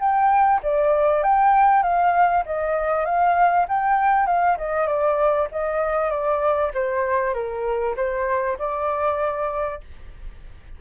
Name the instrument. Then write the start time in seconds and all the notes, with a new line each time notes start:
flute
0.00 G5
0.63 D5
1.23 G5
1.83 F5
2.46 D#5
3.05 F5
3.68 G5
4.27 F5
4.58 D#5
4.87 D5
5.52 D#5
6.11 D5
6.74 C5
7.34 A#4
7.97 C5
8.59 D5